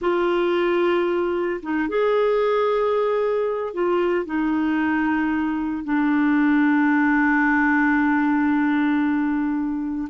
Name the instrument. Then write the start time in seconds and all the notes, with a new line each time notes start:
clarinet
0.01 F4
1.62 D#4
1.88 G#4
3.73 F4
4.25 D#4
5.83 D4